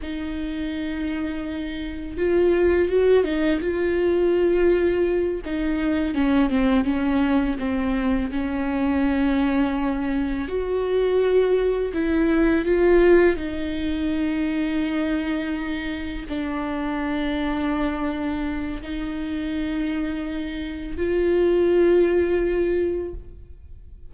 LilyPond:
\new Staff \with { instrumentName = "viola" } { \time 4/4 \tempo 4 = 83 dis'2. f'4 | fis'8 dis'8 f'2~ f'8 dis'8~ | dis'8 cis'8 c'8 cis'4 c'4 cis'8~ | cis'2~ cis'8 fis'4.~ |
fis'8 e'4 f'4 dis'4.~ | dis'2~ dis'8 d'4.~ | d'2 dis'2~ | dis'4 f'2. | }